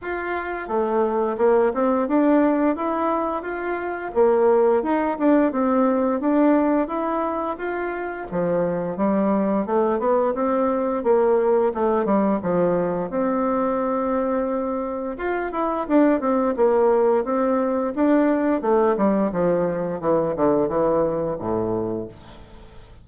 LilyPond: \new Staff \with { instrumentName = "bassoon" } { \time 4/4 \tempo 4 = 87 f'4 a4 ais8 c'8 d'4 | e'4 f'4 ais4 dis'8 d'8 | c'4 d'4 e'4 f'4 | f4 g4 a8 b8 c'4 |
ais4 a8 g8 f4 c'4~ | c'2 f'8 e'8 d'8 c'8 | ais4 c'4 d'4 a8 g8 | f4 e8 d8 e4 a,4 | }